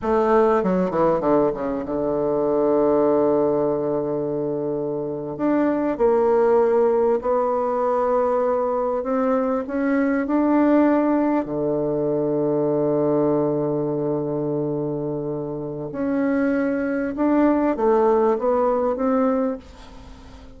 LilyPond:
\new Staff \with { instrumentName = "bassoon" } { \time 4/4 \tempo 4 = 98 a4 fis8 e8 d8 cis8 d4~ | d1~ | d8. d'4 ais2 b16~ | b2~ b8. c'4 cis'16~ |
cis'8. d'2 d4~ d16~ | d1~ | d2 cis'2 | d'4 a4 b4 c'4 | }